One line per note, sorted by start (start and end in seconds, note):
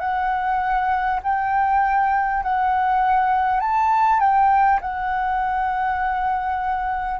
0.00 1.20 F#5
1.23 2.43 G5
2.43 3.61 F#5
3.61 4.20 A5
4.20 4.80 G5
4.81 7.20 F#5